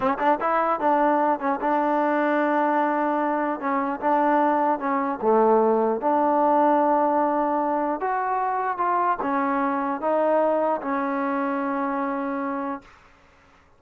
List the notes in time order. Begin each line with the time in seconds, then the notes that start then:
0.00 C#4
0.18 D4
0.40 E4
0.80 D4
1.39 C#4
1.60 D4
3.60 C#4
4.00 D4
4.79 C#4
5.21 A3
6.00 D4
8.00 F#4
8.77 F4
9.21 C#4
10.00 D#4
10.81 C#4